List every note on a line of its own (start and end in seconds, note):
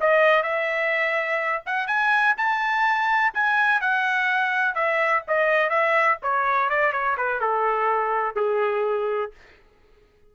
0.00 0.42 D#5
0.42 1.62 E5
1.66 1.87 F#5
1.87 2.35 G#5
2.37 3.33 A5
3.34 3.81 G#5
3.81 4.74 F#5
4.74 5.22 E5
5.27 5.69 D#5
5.69 6.17 E5
6.22 6.69 C#5
6.69 6.92 D5
6.92 7.16 C#5
7.17 7.40 B4
7.40 8.35 A4
8.35 9.31 G#4